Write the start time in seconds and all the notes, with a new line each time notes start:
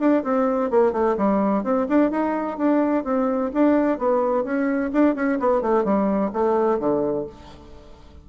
0.00 D4
0.24 C4
0.70 A#3
0.93 A3
1.17 G3
1.64 C4
1.89 D4
2.11 D#4
2.58 D4
3.04 C4
3.54 D4
3.98 B3
4.44 C#4
4.93 D4
5.15 C#4
5.40 B3
5.62 A3
5.85 G3
6.33 A3
6.79 D3